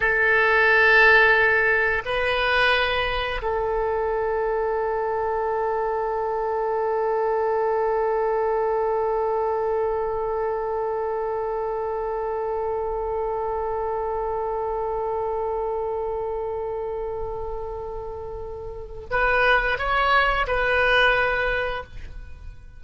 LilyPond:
\new Staff \with { instrumentName = "oboe" } { \time 4/4 \tempo 4 = 88 a'2. b'4~ | b'4 a'2.~ | a'1~ | a'1~ |
a'1~ | a'1~ | a'1 | b'4 cis''4 b'2 | }